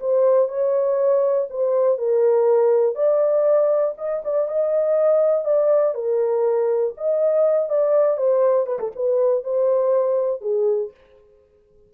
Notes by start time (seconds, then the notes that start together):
0.00 C5
0.48 C#5
1.50 C5
1.98 A#4
2.95 D5
3.98 D#5
4.24 D5
4.48 D#5
5.45 D5
5.95 A#4
6.97 D#5
7.69 D5
8.17 C5
8.66 B4
8.79 A4
8.95 B4
9.44 C5
10.42 G#4